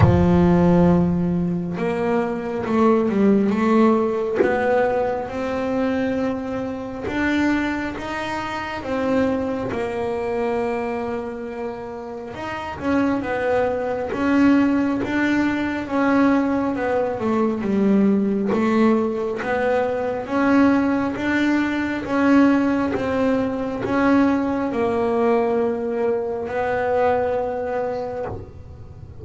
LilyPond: \new Staff \with { instrumentName = "double bass" } { \time 4/4 \tempo 4 = 68 f2 ais4 a8 g8 | a4 b4 c'2 | d'4 dis'4 c'4 ais4~ | ais2 dis'8 cis'8 b4 |
cis'4 d'4 cis'4 b8 a8 | g4 a4 b4 cis'4 | d'4 cis'4 c'4 cis'4 | ais2 b2 | }